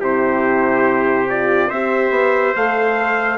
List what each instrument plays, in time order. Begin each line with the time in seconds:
0.00 bassoon C3, horn E4, trumpet G4 C5
1.29 horn F4, trumpet D5
1.69 bassoon C4, horn G4, trumpet C5 E5
2.10 bassoon B3
2.56 bassoon A3, horn A4, trumpet F5